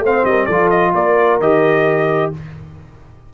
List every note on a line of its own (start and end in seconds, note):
0.00 0.23 A3
0.00 0.27 C5
0.06 0.52 C4
0.06 0.25 F5
0.25 0.48 G3
0.25 0.47 A#4
0.25 0.46 D#5
0.46 0.94 F3
0.46 1.42 F4
0.46 0.93 A4
0.46 0.69 D5
0.70 0.93 D#5
0.94 1.40 A#3
0.94 2.34 A#4
0.94 1.41 D5
1.40 2.31 D#3
1.40 2.34 G4
1.40 2.33 D#5